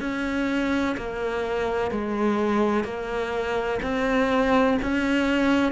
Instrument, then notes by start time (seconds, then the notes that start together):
cello
0.00 C#4
0.97 A#3
1.91 G#3
2.84 A#3
3.83 C4
4.82 C#4